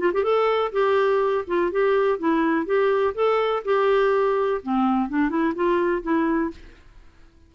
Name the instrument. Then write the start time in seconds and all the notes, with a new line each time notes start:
clarinet
0.00 F4
0.14 G4
0.24 A4
0.73 G4
1.47 F4
1.72 G4
2.19 E4
2.66 G4
3.15 A4
3.65 G4
4.63 C4
5.09 D4
5.30 E4
5.55 F4
6.03 E4